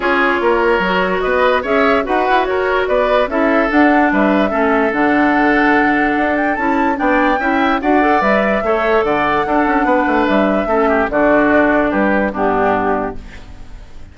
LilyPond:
<<
  \new Staff \with { instrumentName = "flute" } { \time 4/4 \tempo 4 = 146 cis''2. dis''4 | e''4 fis''4 cis''4 d''4 | e''4 fis''4 e''2 | fis''2.~ fis''8 g''8 |
a''4 g''2 fis''4 | e''2 fis''2~ | fis''4 e''2 d''4~ | d''4 b'4 g'2 | }
  \new Staff \with { instrumentName = "oboe" } { \time 4/4 gis'4 ais'2 b'4 | cis''4 b'4 ais'4 b'4 | a'2 b'4 a'4~ | a'1~ |
a'4 d''4 e''4 d''4~ | d''4 cis''4 d''4 a'4 | b'2 a'8 g'8 fis'4~ | fis'4 g'4 d'2 | }
  \new Staff \with { instrumentName = "clarinet" } { \time 4/4 f'2 fis'2 | gis'4 fis'2. | e'4 d'2 cis'4 | d'1 |
e'4 d'4 e'4 fis'8 a'8 | b'4 a'2 d'4~ | d'2 cis'4 d'4~ | d'2 b2 | }
  \new Staff \with { instrumentName = "bassoon" } { \time 4/4 cis'4 ais4 fis4 b4 | cis'4 dis'8 e'8 fis'4 b4 | cis'4 d'4 g4 a4 | d2. d'4 |
cis'4 b4 cis'4 d'4 | g4 a4 d4 d'8 cis'8 | b8 a8 g4 a4 d4~ | d4 g4 g,2 | }
>>